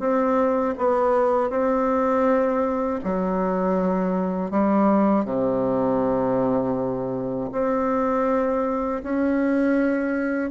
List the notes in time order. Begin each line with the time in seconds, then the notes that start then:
0.00 C4
0.78 B3
1.50 C4
3.04 F#3
4.51 G3
5.25 C3
7.52 C4
9.04 C#4